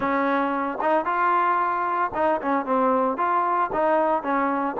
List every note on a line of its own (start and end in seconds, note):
0.00 0.78 C#4
0.81 1.05 D#4
1.05 2.11 F4
2.14 2.41 D#4
2.41 2.65 C#4
2.65 3.17 C4
3.17 3.70 F4
3.72 4.23 D#4
4.23 4.76 C#4